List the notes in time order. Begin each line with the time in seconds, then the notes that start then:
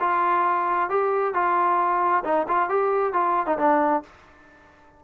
0.00 F4
0.89 G4
1.34 F4
2.24 D#4
2.48 F4
2.69 G4
3.13 F4
3.46 D#4
3.58 D4